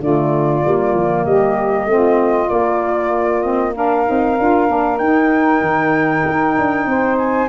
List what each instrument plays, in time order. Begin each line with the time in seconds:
0.00 tuba D3, saxophone A3 F4, flute D5
0.63 tuba G3, saxophone A#3
0.94 tuba F3
1.25 tuba G3, saxophone G4, flute D#5
1.86 tuba A3, saxophone C4 F4
2.47 saxophone A#3, tuba A#3, flute D5
3.41 saxophone C4, flute D#5
3.74 saxophone D4 A#4, flute F5
4.06 tuba C4, saxophone D#4
4.39 tuba D4, saxophone F4
4.67 tuba A#3, saxophone D4
4.98 tuba D#4, saxophone D#4, flute G5
5.61 tuba D#3
6.26 tuba D#4
6.58 tuba D4
6.86 tuba C4, saxophone C5
7.18 flute G#5